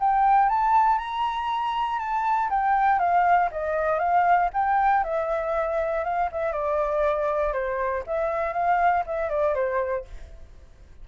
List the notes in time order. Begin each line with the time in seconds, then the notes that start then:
0.00 G5
0.49 A5
0.98 A#5
1.99 A5
2.50 G5
2.99 F5
3.52 D#5
3.99 F5
4.54 G5
5.04 E5
6.04 F5
6.32 E5
6.52 D5
7.53 C5
8.07 E5
8.53 F5
9.06 E5
9.30 D5
9.55 C5